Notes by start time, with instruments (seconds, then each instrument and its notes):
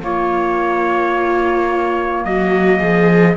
0.00 clarinet A#3, cello A#3, viola F4, trumpet C#5
2.24 cello F#3, viola F#4, trumpet D#5
2.79 cello F3, viola G#4